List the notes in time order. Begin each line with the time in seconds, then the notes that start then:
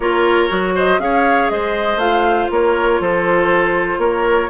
0.00 A#3 F4 A#4 C#5
0.49 F#3 F#4
0.74 C5 D#5
0.99 C#4 G#4 C#5 F5
1.49 G#3 C5 D#5
1.95 A3 F4 F5
2.50 A#3 A#4 C#5
3.00 F3 A4 C5
3.98 A#3 A#4 C#5